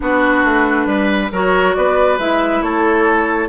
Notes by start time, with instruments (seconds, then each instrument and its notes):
0.00 bassoon B3, clarinet D4, oboe F#4, flute B4
0.44 bassoon A3
0.86 bassoon G3, oboe B4
1.32 bassoon F#3, clarinet F#4, oboe A#4, flute C#5
1.74 bassoon B3, oboe B4, flute D5
2.18 bassoon G#3, clarinet E4, flute E5
2.61 bassoon A3, oboe A4, flute C#5